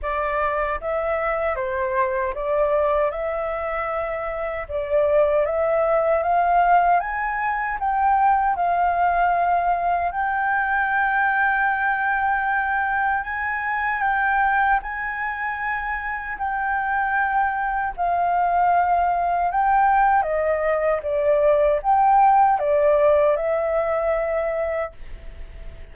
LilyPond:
\new Staff \with { instrumentName = "flute" } { \time 4/4 \tempo 4 = 77 d''4 e''4 c''4 d''4 | e''2 d''4 e''4 | f''4 gis''4 g''4 f''4~ | f''4 g''2.~ |
g''4 gis''4 g''4 gis''4~ | gis''4 g''2 f''4~ | f''4 g''4 dis''4 d''4 | g''4 d''4 e''2 | }